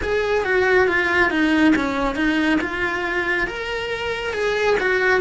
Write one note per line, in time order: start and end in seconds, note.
0.02 0.44 G#4
0.44 0.87 F#4
0.87 1.30 F4
1.30 1.74 D#4
1.75 2.15 C#4
2.15 2.59 D#4
2.60 3.47 F4
3.47 4.33 A#4
4.33 4.76 G#4
4.79 5.20 F#4